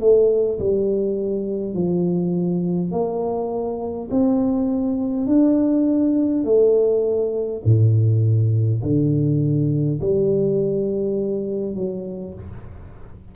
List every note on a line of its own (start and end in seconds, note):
0.00 0.59 A3
0.59 1.74 G3
1.74 2.91 F3
2.91 4.09 A#3
4.11 5.27 C4
5.27 6.44 D4
6.44 7.62 A3
7.65 8.82 A2
8.83 10.01 D3
10.01 11.75 G3
11.75 12.34 F#3